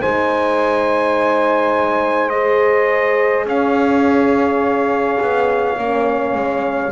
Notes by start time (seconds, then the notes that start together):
0.00 G#3 D#4 C5 G#5
2.30 G#4 D#5
3.45 C#4 C#5 F5
5.21 B3
5.78 A#3 C#4
6.35 G#3